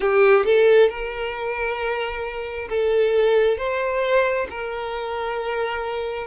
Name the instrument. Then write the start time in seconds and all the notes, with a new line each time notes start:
violin
0.00 G4
0.44 A4
0.89 A#4
2.69 A4
3.57 C5
4.50 A#4